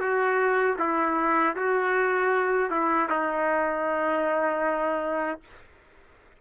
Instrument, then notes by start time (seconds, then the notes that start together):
trumpet
0.00 F#4
0.79 E4
1.56 F#4
2.70 E4
3.09 D#4